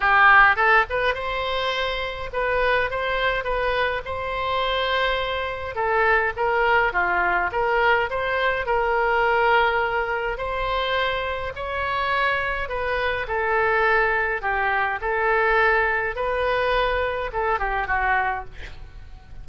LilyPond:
\new Staff \with { instrumentName = "oboe" } { \time 4/4 \tempo 4 = 104 g'4 a'8 b'8 c''2 | b'4 c''4 b'4 c''4~ | c''2 a'4 ais'4 | f'4 ais'4 c''4 ais'4~ |
ais'2 c''2 | cis''2 b'4 a'4~ | a'4 g'4 a'2 | b'2 a'8 g'8 fis'4 | }